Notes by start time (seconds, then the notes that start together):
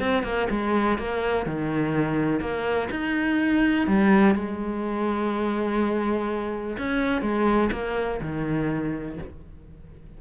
0.00 C4
0.24 A#3
0.50 G#3
0.99 A#3
1.46 D#3
2.41 A#3
2.91 D#4
3.87 G3
4.35 G#3
6.79 C#4
7.22 G#3
7.72 A#3
8.22 D#3